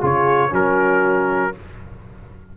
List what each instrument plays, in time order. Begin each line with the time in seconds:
0.00 tuba C#3, trombone F4, horn G#4, trumpet C#5
0.50 tuba F#3, trombone C#4, horn F#4, trumpet A#4